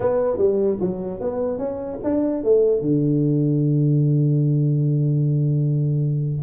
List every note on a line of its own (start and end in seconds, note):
0.00 0.37 B3
0.37 0.77 G3
0.80 1.20 F#3
1.20 1.58 B3
1.58 1.98 C#4
2.03 2.43 D4
2.43 2.81 A3
2.81 6.42 D3